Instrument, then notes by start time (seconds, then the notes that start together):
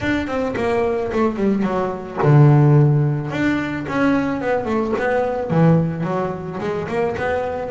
double bass
0.00 D4
0.27 C4
0.56 A#3
1.12 A3
1.36 G3
1.62 F#3
2.22 D3
3.31 D4
3.88 C#4
4.41 B3
4.65 A3
4.98 B3
5.50 E3
6.03 F#3
6.60 G#3
6.88 A#3
7.17 B3